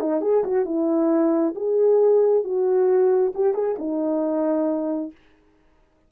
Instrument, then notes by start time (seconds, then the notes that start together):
horn
0.00 D#4
0.21 G#4
0.44 F#4
0.65 E4
1.55 G#4
2.44 F#4
3.35 G4
3.54 G#4
3.78 D#4